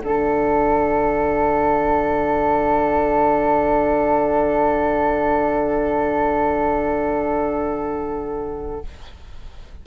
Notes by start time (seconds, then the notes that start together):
0.00 D3 D4 A4 F#5